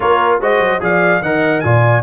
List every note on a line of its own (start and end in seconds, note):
0.00 0.41 A#3
0.00 0.41 F4
0.00 0.40 A#4
0.00 0.40 C#5
0.40 0.59 G#3
0.40 0.80 F#4
0.40 0.81 C5
0.40 0.83 D#5
0.59 0.80 F#3
0.80 1.21 F3
0.80 1.21 G#4
0.80 1.22 D5
0.80 1.22 F5
1.21 1.62 D#3
1.21 1.64 A#4
1.21 1.63 D#5
1.21 1.60 F#5
1.60 2.02 A#2
1.60 2.02 F4
1.60 2.02 D5
1.60 2.01 G#5